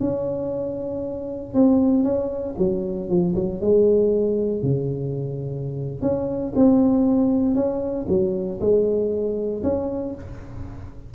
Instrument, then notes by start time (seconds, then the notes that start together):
tuba
0.00 C#4
1.54 C4
2.04 C#4
2.58 F#3
3.09 F3
3.35 F#3
3.61 G#3
4.62 C#3
6.02 C#4
6.56 C4
7.55 C#4
8.08 F#3
8.60 G#3
9.63 C#4